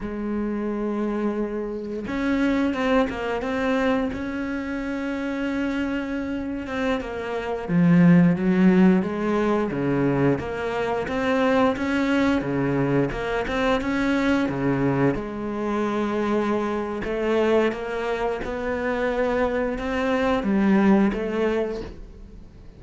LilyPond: \new Staff \with { instrumentName = "cello" } { \time 4/4 \tempo 4 = 88 gis2. cis'4 | c'8 ais8 c'4 cis'2~ | cis'4.~ cis'16 c'8 ais4 f8.~ | f16 fis4 gis4 cis4 ais8.~ |
ais16 c'4 cis'4 cis4 ais8 c'16~ | c'16 cis'4 cis4 gis4.~ gis16~ | gis4 a4 ais4 b4~ | b4 c'4 g4 a4 | }